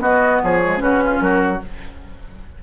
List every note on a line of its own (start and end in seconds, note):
0.00 0.41 B3
0.00 0.61 B3
0.00 0.42 F#4
0.00 0.42 D#5
0.42 0.80 F3
0.42 0.83 G#4
0.42 0.79 C#5
0.63 0.77 G#3
0.77 1.20 C#3
0.77 1.58 C#4
0.77 1.03 F#4
0.77 1.20 B4
1.04 1.22 F4
1.20 1.60 F#3
1.20 1.63 F#4
1.20 1.60 A#4